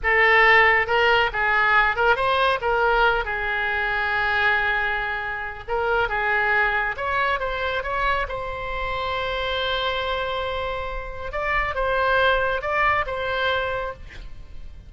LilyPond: \new Staff \with { instrumentName = "oboe" } { \time 4/4 \tempo 4 = 138 a'2 ais'4 gis'4~ | gis'8 ais'8 c''4 ais'4. gis'8~ | gis'1~ | gis'4 ais'4 gis'2 |
cis''4 c''4 cis''4 c''4~ | c''1~ | c''2 d''4 c''4~ | c''4 d''4 c''2 | }